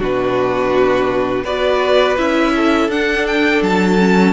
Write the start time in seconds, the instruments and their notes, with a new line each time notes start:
0.00 cello B2, viola D4, violin F#4 B4
1.44 cello B3, viola F#4, violin B4 D5
2.18 cello C#4, viola E4, violin E5
2.56 violin A4
2.89 cello D4, viola D4, violin F#5
3.27 violin G5
3.62 cello F#3, violin A5
3.99 viola C#4